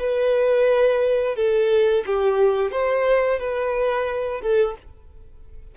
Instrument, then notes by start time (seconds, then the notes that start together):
violin
0.00 B4
1.36 A4
2.07 G4
2.72 C5
3.40 B4
4.42 A4